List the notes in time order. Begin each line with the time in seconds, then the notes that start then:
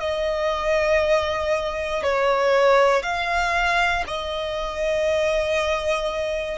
0.00 D#5
2.03 C#5
3.02 F5
4.07 D#5